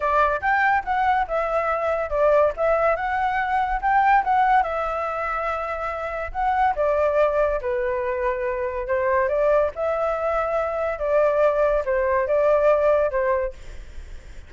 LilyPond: \new Staff \with { instrumentName = "flute" } { \time 4/4 \tempo 4 = 142 d''4 g''4 fis''4 e''4~ | e''4 d''4 e''4 fis''4~ | fis''4 g''4 fis''4 e''4~ | e''2. fis''4 |
d''2 b'2~ | b'4 c''4 d''4 e''4~ | e''2 d''2 | c''4 d''2 c''4 | }